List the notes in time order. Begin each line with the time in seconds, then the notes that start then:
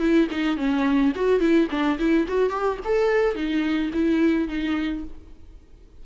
0.00 E4
0.31 D#4
0.57 C#4
1.16 F#4
1.40 E4
1.70 D4
1.99 E4
2.28 F#4
2.50 G4
2.85 A4
3.35 D#4
3.93 E4
4.48 D#4